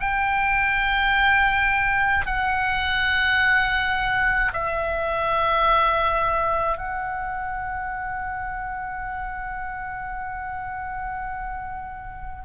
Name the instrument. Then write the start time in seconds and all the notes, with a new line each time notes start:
oboe
0.00 G5
2.26 F#5
4.53 E5
6.78 F#5